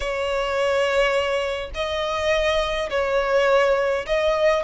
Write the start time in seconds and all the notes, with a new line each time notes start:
0.00 C#5
1.74 D#5
2.90 C#5
4.06 D#5